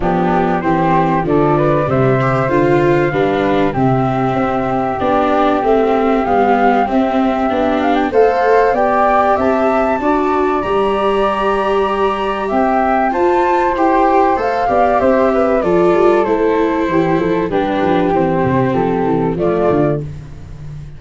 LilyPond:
<<
  \new Staff \with { instrumentName = "flute" } { \time 4/4 \tempo 4 = 96 g'4 c''4 d''4 e''4 | f''2 e''2 | d''4 e''4 f''4 e''4~ | e''8 f''16 g''16 f''4 g''4 a''4~ |
a''4 ais''2. | g''4 a''4 g''4 f''4 | e''4 d''4 c''2 | b'4 c''4 a'4 d''4 | }
  \new Staff \with { instrumentName = "flute" } { \time 4/4 d'4 g'4 a'8 b'8 c''4~ | c''4 b'4 g'2~ | g'1~ | g'4 c''4 d''4 e''4 |
d''1 | e''4 c''2~ c''8 d''8 | c''8 b'8 a'2 g'8 a'8 | g'2. f'4 | }
  \new Staff \with { instrumentName = "viola" } { \time 4/4 b4 c'4 f4 g8 g'8 | f'4 d'4 c'2 | d'4 c'4 b4 c'4 | d'4 a'4 g'2 |
fis'4 g'2.~ | g'4 f'4 g'4 a'8 g'8~ | g'4 f'4 e'2 | d'4 c'2 a4 | }
  \new Staff \with { instrumentName = "tuba" } { \time 4/4 f4 e4 d4 c4 | d4 g4 c4 c'4 | b4 a4 g4 c'4 | b4 a4 b4 c'4 |
d'4 g2. | c'4 f'4 e'4 a8 b8 | c'4 f8 g8 a4 e8 f8 | g8 f8 e8 c8 f8 e8 f8 d8 | }
>>